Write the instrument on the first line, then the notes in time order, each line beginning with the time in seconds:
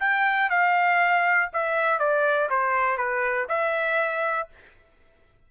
trumpet
0.00 G5
0.50 F5
1.53 E5
2.00 D5
2.50 C5
2.98 B4
3.49 E5